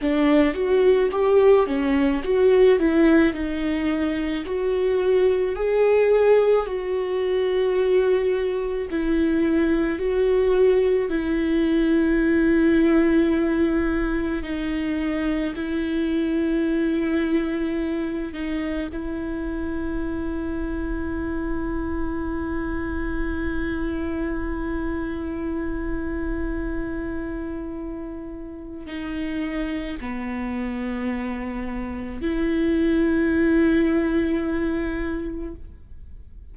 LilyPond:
\new Staff \with { instrumentName = "viola" } { \time 4/4 \tempo 4 = 54 d'8 fis'8 g'8 cis'8 fis'8 e'8 dis'4 | fis'4 gis'4 fis'2 | e'4 fis'4 e'2~ | e'4 dis'4 e'2~ |
e'8 dis'8 e'2.~ | e'1~ | e'2 dis'4 b4~ | b4 e'2. | }